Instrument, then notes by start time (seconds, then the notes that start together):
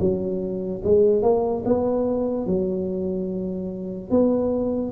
tuba
0.00 F#3
0.84 G#3
1.22 A#3
1.65 B3
2.46 F#3
4.10 B3